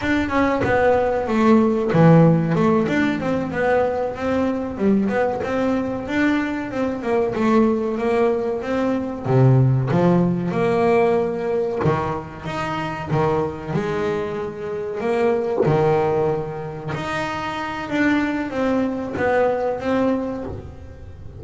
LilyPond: \new Staff \with { instrumentName = "double bass" } { \time 4/4 \tempo 4 = 94 d'8 cis'8 b4 a4 e4 | a8 d'8 c'8 b4 c'4 g8 | b8 c'4 d'4 c'8 ais8 a8~ | a8 ais4 c'4 c4 f8~ |
f8 ais2 dis4 dis'8~ | dis'8 dis4 gis2 ais8~ | ais8 dis2 dis'4. | d'4 c'4 b4 c'4 | }